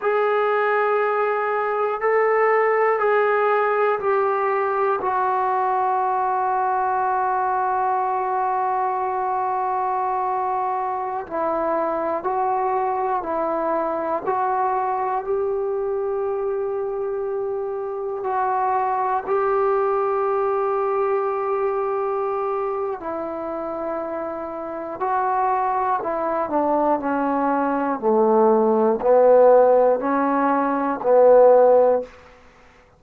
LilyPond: \new Staff \with { instrumentName = "trombone" } { \time 4/4 \tempo 4 = 60 gis'2 a'4 gis'4 | g'4 fis'2.~ | fis'2.~ fis'16 e'8.~ | e'16 fis'4 e'4 fis'4 g'8.~ |
g'2~ g'16 fis'4 g'8.~ | g'2. e'4~ | e'4 fis'4 e'8 d'8 cis'4 | a4 b4 cis'4 b4 | }